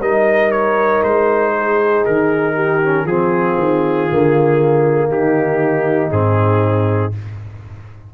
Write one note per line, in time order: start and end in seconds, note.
0.00 1.02 G3
0.00 2.82 D#4
0.00 1.53 A#4
0.00 0.51 D#5
0.51 1.02 C#5
1.03 2.05 G#3
1.03 2.05 C5
1.58 2.54 G#4
2.06 3.04 D#3
2.06 3.07 A#4
2.54 3.05 G4
2.82 3.08 C#4
3.04 3.55 F3
3.04 4.09 C4
3.04 5.10 F4
3.04 5.10 G#4
3.58 4.09 D#3
4.09 5.08 D3
4.09 6.10 A#3
5.08 6.10 D#3
5.08 7.14 D#4
5.08 6.11 G4
6.10 7.13 G#2
6.10 7.12 C4
6.10 7.13 G#4